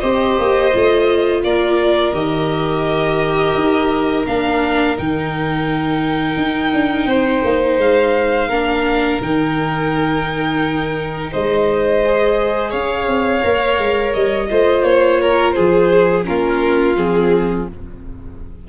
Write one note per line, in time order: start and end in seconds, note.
0.00 0.38 C4
0.00 0.72 G4
0.00 1.42 C5
0.00 1.41 D#5
0.39 0.75 A#3
0.73 1.44 A3
0.73 2.14 F4
1.44 2.13 A#3
1.44 7.07 A#4
1.44 2.14 D5
2.13 3.54 D#3
2.13 4.25 G4
2.13 4.26 D#5
3.55 4.25 D#4
4.27 4.98 A#3
4.27 4.97 D4
4.27 4.97 F5
4.97 6.37 D#3
4.97 8.50 D#4
4.97 7.80 G5
6.37 6.72 D#4
6.73 7.06 D4
7.06 7.41 C4
7.06 8.49 C5
7.44 7.78 A#3
7.78 8.49 G#3
7.78 9.21 F5
8.49 9.20 A#3
8.49 9.22 D4
8.49 11.31 A#4
9.21 11.33 D#3
9.21 12.05 D#4
9.21 11.33 G5
11.32 12.73 G#3
11.32 12.71 C5
11.32 12.72 D#5
12.05 13.42 G#4
12.71 13.07 C#4
12.71 14.47 C#5
12.71 14.13 F5
13.07 13.43 C4
13.42 13.78 A#3
13.42 14.48 A#4
13.78 14.14 G#3
14.13 14.51 G3
14.13 14.84 D#5
14.50 14.83 A3
14.50 16.24 F4
14.50 15.22 C5
14.83 15.54 A#3
14.83 15.51 C#5
15.22 15.56 A#4
15.51 16.27 G#4
15.51 16.22 C5
15.58 16.28 F3
16.24 16.97 A#3
16.24 16.95 C#4
16.24 17.69 F4
16.24 16.96 A#4
16.97 17.67 F3
16.97 17.68 C4
16.97 17.68 G#4